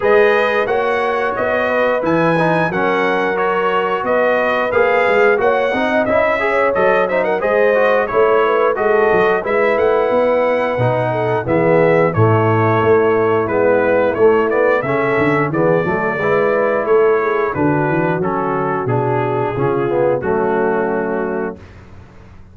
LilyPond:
<<
  \new Staff \with { instrumentName = "trumpet" } { \time 4/4 \tempo 4 = 89 dis''4 fis''4 dis''4 gis''4 | fis''4 cis''4 dis''4 f''4 | fis''4 e''4 dis''8 e''16 fis''16 dis''4 | cis''4 dis''4 e''8 fis''4.~ |
fis''4 e''4 cis''2 | b'4 cis''8 d''8 e''4 d''4~ | d''4 cis''4 b'4 a'4 | gis'2 fis'2 | }
  \new Staff \with { instrumentName = "horn" } { \time 4/4 b'4 cis''4. b'4. | ais'2 b'2 | cis''8 dis''4 cis''4 c''16 ais'16 c''4 | cis''8 b'8 a'4 b'2~ |
b'8 a'8 gis'4 e'2~ | e'2 a'4 gis'8 a'8 | b'4 a'8 gis'8 fis'2~ | fis'4 f'4 cis'2 | }
  \new Staff \with { instrumentName = "trombone" } { \time 4/4 gis'4 fis'2 e'8 dis'8 | cis'4 fis'2 gis'4 | fis'8 dis'8 e'8 gis'8 a'8 dis'8 gis'8 fis'8 | e'4 fis'4 e'2 |
dis'4 b4 a2 | b4 a8 b8 cis'4 b8 a8 | e'2 d'4 cis'4 | d'4 cis'8 b8 a2 | }
  \new Staff \with { instrumentName = "tuba" } { \time 4/4 gis4 ais4 b4 e4 | fis2 b4 ais8 gis8 | ais8 c'8 cis'4 fis4 gis4 | a4 gis8 fis8 gis8 a8 b4 |
b,4 e4 a,4 a4 | gis4 a4 cis8 d8 e8 fis8 | gis4 a4 d8 e8 fis4 | b,4 cis4 fis2 | }
>>